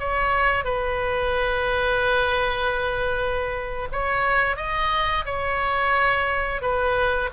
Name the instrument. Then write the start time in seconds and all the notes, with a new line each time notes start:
oboe
0.00 C#5
0.65 B4
3.92 C#5
4.57 D#5
5.26 C#5
6.62 B4